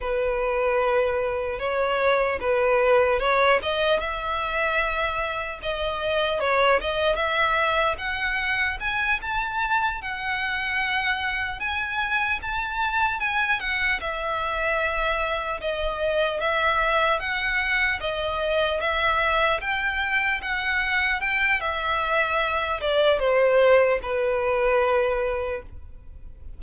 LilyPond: \new Staff \with { instrumentName = "violin" } { \time 4/4 \tempo 4 = 75 b'2 cis''4 b'4 | cis''8 dis''8 e''2 dis''4 | cis''8 dis''8 e''4 fis''4 gis''8 a''8~ | a''8 fis''2 gis''4 a''8~ |
a''8 gis''8 fis''8 e''2 dis''8~ | dis''8 e''4 fis''4 dis''4 e''8~ | e''8 g''4 fis''4 g''8 e''4~ | e''8 d''8 c''4 b'2 | }